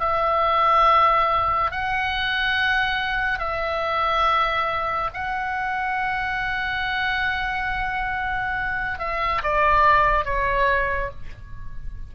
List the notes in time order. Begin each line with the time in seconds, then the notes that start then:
0.00 E5
1.71 F#5
3.39 E5
5.14 F#5
8.99 E5
9.43 D5
10.25 C#5